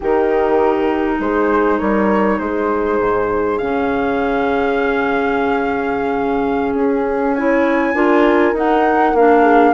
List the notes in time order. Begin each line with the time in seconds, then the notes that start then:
0.00 D#3 D#4 G4 A#4
1.19 G#3 G#4 C5
1.78 G3 A#4 C#5
2.39 G#3 G#4 C5
3.00 G#2
3.58 C#3 C#4 F5
6.74 C#4 G#4
7.34 E4 C#5 G#5
7.94 D4 F4 A#4
8.53 D#4 F#5
9.13 A#3 D4 F5
9.42 G#4